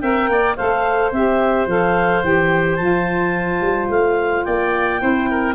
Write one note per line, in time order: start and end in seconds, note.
0.00 0.29 C4
0.00 0.57 A#4
0.00 0.30 E5
0.00 0.56 G5
0.29 0.57 A#3
0.29 0.57 D5
0.56 1.12 A3
0.56 1.13 A4
0.56 4.46 C5
0.56 1.12 F5
1.12 1.67 C4
1.12 1.69 G4
1.12 1.68 E5
1.67 2.22 F3
1.67 2.23 A4
1.67 2.24 F5
2.23 2.79 E3
2.23 2.79 G4
2.23 2.76 G5
2.76 3.61 F3
2.76 4.99 F4
2.76 3.87 A5
3.61 3.89 G3
3.90 4.45 A3
3.90 4.44 F5
4.44 5.03 A#3
4.44 5.02 D5
4.44 5.55 G5
4.99 5.55 C4
4.99 5.55 E4
4.99 5.29 C5
5.31 5.55 A#4